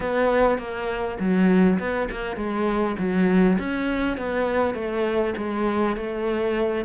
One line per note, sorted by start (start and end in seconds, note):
0.00 0.58 B3
0.58 1.17 A#3
1.19 1.78 F#3
1.79 2.08 B3
2.10 2.36 A#3
2.36 2.95 G#3
2.98 3.58 F#3
3.58 4.17 C#4
4.17 4.74 B3
4.74 5.33 A3
5.37 5.96 G#3
5.96 6.85 A3